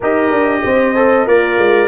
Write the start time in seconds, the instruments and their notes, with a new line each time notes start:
0.00 tuba D#4, trombone G4, horn A#4, trumpet D#5
0.30 tuba D4
0.63 tuba C4, horn C5
0.95 trombone A4
1.26 tuba A#3, horn F4, trombone A#4, trumpet D5
1.57 tuba G#3